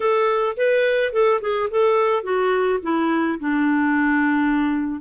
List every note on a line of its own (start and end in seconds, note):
0.00 0.56 A4
0.56 1.12 B4
1.12 1.40 A4
1.41 1.69 G#4
1.70 2.23 A4
2.23 2.79 F#4
2.82 3.38 E4
3.39 5.00 D4